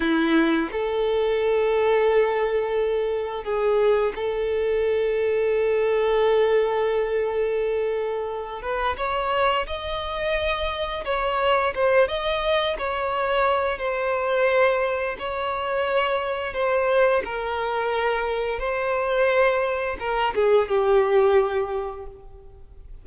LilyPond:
\new Staff \with { instrumentName = "violin" } { \time 4/4 \tempo 4 = 87 e'4 a'2.~ | a'4 gis'4 a'2~ | a'1~ | a'8 b'8 cis''4 dis''2 |
cis''4 c''8 dis''4 cis''4. | c''2 cis''2 | c''4 ais'2 c''4~ | c''4 ais'8 gis'8 g'2 | }